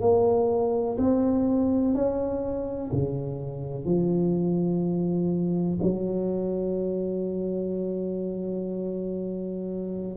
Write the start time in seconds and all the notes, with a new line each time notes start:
0.00 A#3
0.97 C4
1.94 C#4
2.92 C#3
3.85 F3
5.83 F#3